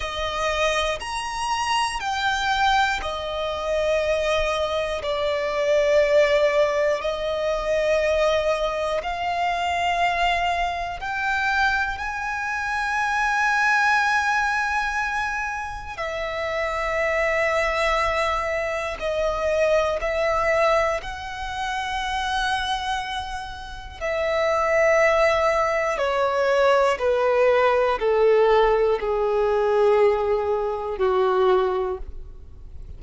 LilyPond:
\new Staff \with { instrumentName = "violin" } { \time 4/4 \tempo 4 = 60 dis''4 ais''4 g''4 dis''4~ | dis''4 d''2 dis''4~ | dis''4 f''2 g''4 | gis''1 |
e''2. dis''4 | e''4 fis''2. | e''2 cis''4 b'4 | a'4 gis'2 fis'4 | }